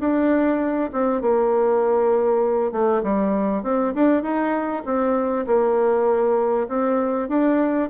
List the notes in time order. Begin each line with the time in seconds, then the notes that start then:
0.00 D4
0.93 C4
1.21 A#3
2.72 A3
3.03 G3
3.63 C4
3.95 D4
4.23 D#4
4.86 C4
5.47 A#3
6.68 C4
7.29 D4